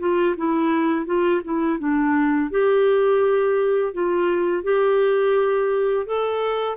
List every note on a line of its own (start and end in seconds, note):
0.00 0.36 F4
0.37 1.06 E4
1.06 1.42 F4
1.44 1.80 E4
1.80 2.51 D4
2.51 3.94 G4
3.94 4.64 F4
4.64 6.06 G4
6.07 6.77 A4